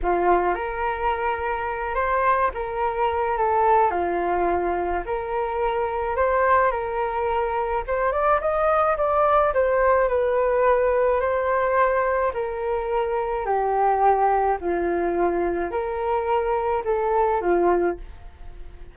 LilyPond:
\new Staff \with { instrumentName = "flute" } { \time 4/4 \tempo 4 = 107 f'4 ais'2~ ais'8 c''8~ | c''8 ais'4. a'4 f'4~ | f'4 ais'2 c''4 | ais'2 c''8 d''8 dis''4 |
d''4 c''4 b'2 | c''2 ais'2 | g'2 f'2 | ais'2 a'4 f'4 | }